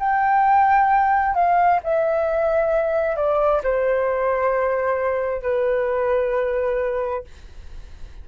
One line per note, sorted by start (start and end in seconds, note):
0.00 1.35 G5
1.35 1.80 F5
1.84 3.17 E5
3.17 3.62 D5
3.64 5.43 C5
5.43 7.24 B4